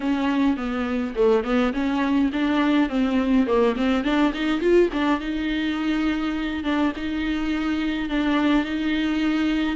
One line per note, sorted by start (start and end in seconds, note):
0.00 0.56 C#4
0.56 1.14 B3
1.15 1.43 A3
1.43 1.72 B3
1.73 2.31 C#4
2.32 2.89 D4
2.89 3.46 C4
3.46 3.75 A#3
3.76 4.04 C4
4.04 4.32 D4
4.33 4.60 D#4
4.60 4.89 F4
4.92 5.19 D4
5.19 6.63 D#4
6.63 6.92 D4
6.96 8.09 D#4
8.09 8.64 D4
8.64 9.76 D#4